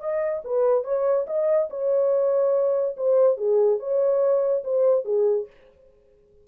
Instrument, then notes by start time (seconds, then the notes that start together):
horn
0.00 D#5
0.44 B4
0.84 C#5
1.27 D#5
1.70 C#5
2.97 C5
3.37 G#4
3.79 C#5
4.64 C5
5.05 G#4